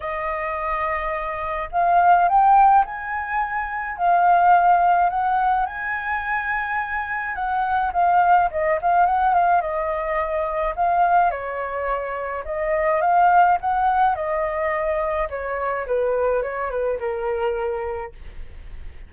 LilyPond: \new Staff \with { instrumentName = "flute" } { \time 4/4 \tempo 4 = 106 dis''2. f''4 | g''4 gis''2 f''4~ | f''4 fis''4 gis''2~ | gis''4 fis''4 f''4 dis''8 f''8 |
fis''8 f''8 dis''2 f''4 | cis''2 dis''4 f''4 | fis''4 dis''2 cis''4 | b'4 cis''8 b'8 ais'2 | }